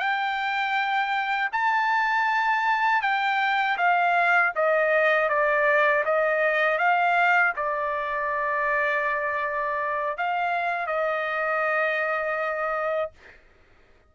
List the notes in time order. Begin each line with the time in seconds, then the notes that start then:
0.00 G5
1.53 A5
3.02 G5
3.78 F5
4.56 D#5
5.29 D5
6.05 D#5
6.79 F5
7.57 D5
10.18 F5
10.87 D#5